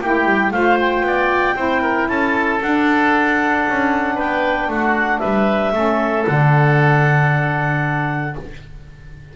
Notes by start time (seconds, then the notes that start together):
0.00 A#3 E4 G4 G5
0.25 G3
0.51 A3 F4 C5 F5
0.80 G5
1.01 B3 D5
1.55 C4 E4 C5
1.81 A#4
2.07 C#4 A4 A5
2.61 D4 F#5
3.68 C#4
4.15 B3 B4 G5
4.68 A3 F#4 F#5
5.19 G3 B4 E5
5.72 A3 C#4 A4
6.25 D3 D4 F#5